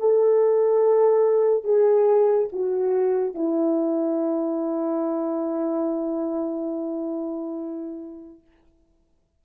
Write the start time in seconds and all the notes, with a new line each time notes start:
0.00 A4
1.64 G#4
2.52 F#4
3.35 E4